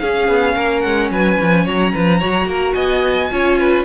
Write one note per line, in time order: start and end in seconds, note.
0.00 0.28 C#4
0.00 2.21 C#4
0.00 0.56 G#4
0.00 0.82 F5
0.28 0.56 B3
0.56 0.85 A#3
0.56 1.11 A#4
0.82 1.11 G#3
0.82 1.09 F#5
1.11 1.38 F#3
1.11 1.65 B4
1.11 1.68 G#5
1.41 1.67 F3
1.65 1.94 F#3
1.65 1.93 C#5
1.65 2.74 A#5
1.93 2.23 F3
1.93 2.20 B4
2.20 2.46 F#3
2.20 3.31 F#4
2.20 2.47 C#5
2.46 2.74 A#3
2.46 2.75 A#4
2.74 3.31 B3
2.74 3.30 D#5
2.74 3.84 G#5
3.31 3.85 C#4
3.31 3.85 F4
3.31 3.59 C#5
3.59 3.85 B4